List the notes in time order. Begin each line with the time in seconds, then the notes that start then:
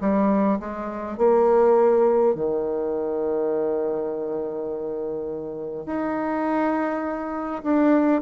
0.00 G3
0.59 G#3
1.17 A#3
2.34 D#3
5.86 D#4
7.63 D4